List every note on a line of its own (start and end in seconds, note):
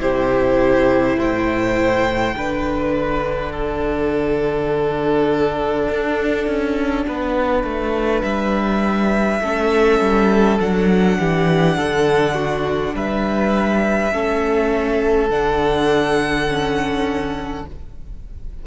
0.00 1.16 C3
0.00 2.35 E4
0.00 1.17 G4
0.00 1.19 C5
1.16 2.34 A2
1.16 2.35 C5
1.16 2.95 G5
2.35 5.88 D3
2.35 9.42 D4
2.35 3.52 B4
2.95 8.22 F#5
3.52 7.05 A4
5.90 6.47 D4
6.47 7.06 C#4
7.08 7.64 B3
7.08 9.42 B4
7.64 8.23 A3
8.22 9.41 G3
8.22 10.58 E5
9.41 10.00 A3
9.41 10.59 C#4
9.41 11.18 A4
10.00 10.59 G3
10.60 11.19 F#3
10.60 14.12 D4
10.60 12.96 F#5
11.19 11.78 E3
11.19 11.77 G4
11.77 12.95 D3
11.77 12.35 A4
12.35 12.93 F#4
12.95 14.12 G3
12.95 14.13 B4
12.95 15.30 E5
14.12 15.30 A3
14.12 15.30 C#4
14.12 17.66 A4
15.30 17.65 D3
15.30 16.48 D4
15.30 17.65 F#5
16.48 17.65 C#4